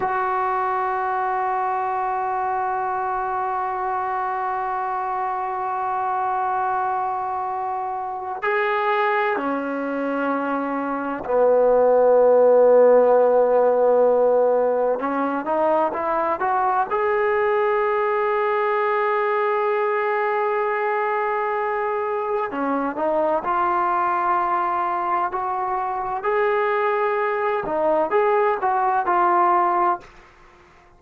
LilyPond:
\new Staff \with { instrumentName = "trombone" } { \time 4/4 \tempo 4 = 64 fis'1~ | fis'1~ | fis'4 gis'4 cis'2 | b1 |
cis'8 dis'8 e'8 fis'8 gis'2~ | gis'1 | cis'8 dis'8 f'2 fis'4 | gis'4. dis'8 gis'8 fis'8 f'4 | }